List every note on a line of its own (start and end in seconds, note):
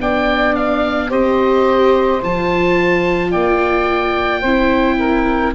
0.00 1.11 B3
0.00 1.09 D4
0.00 1.09 D5
0.00 0.55 G5
0.55 1.10 F5
1.09 2.22 C4
1.09 2.21 G4
1.09 3.31 C5
1.09 2.22 D#5
2.22 3.33 F3
2.22 4.44 F4
2.22 3.31 A5
3.31 4.43 A#3
3.31 4.40 D5
3.31 5.53 G5
4.40 5.54 C4
4.40 5.54 E4
4.40 4.96 C5
4.98 5.54 A#4